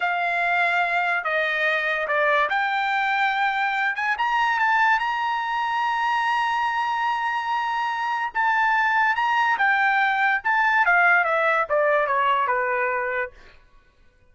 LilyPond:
\new Staff \with { instrumentName = "trumpet" } { \time 4/4 \tempo 4 = 144 f''2. dis''4~ | dis''4 d''4 g''2~ | g''4. gis''8 ais''4 a''4 | ais''1~ |
ais''1 | a''2 ais''4 g''4~ | g''4 a''4 f''4 e''4 | d''4 cis''4 b'2 | }